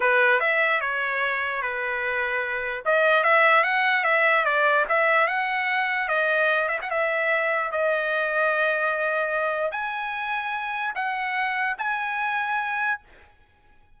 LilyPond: \new Staff \with { instrumentName = "trumpet" } { \time 4/4 \tempo 4 = 148 b'4 e''4 cis''2 | b'2. dis''4 | e''4 fis''4 e''4 d''4 | e''4 fis''2 dis''4~ |
dis''8 e''16 fis''16 e''2 dis''4~ | dis''1 | gis''2. fis''4~ | fis''4 gis''2. | }